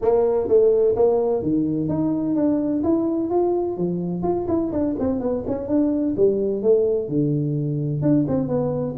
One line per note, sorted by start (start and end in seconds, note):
0.01 0.47 A#3
0.47 0.95 A3
0.95 1.42 A#3
1.42 1.88 D#3
1.88 2.35 D#4
2.35 2.83 D4
2.83 3.30 E4
3.30 3.77 F4
3.77 4.22 F3
4.22 4.46 F4
4.48 4.71 E4
4.72 4.95 D4
4.99 5.20 C4
5.20 5.43 B3
5.47 5.67 C#4
5.67 6.15 D4
6.16 6.62 G3
6.62 7.08 A3
7.08 8.02 D3
8.02 8.25 D4
8.27 8.48 C4
8.48 8.95 B3